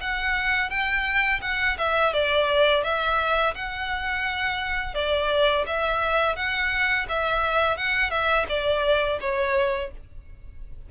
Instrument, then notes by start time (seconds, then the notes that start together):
violin
0.00 F#5
0.70 G5
1.41 F#5
1.78 E5
2.13 D5
2.83 E5
3.55 F#5
4.94 D5
5.66 E5
6.36 F#5
7.08 E5
7.77 F#5
8.10 E5
8.48 D5
9.20 C#5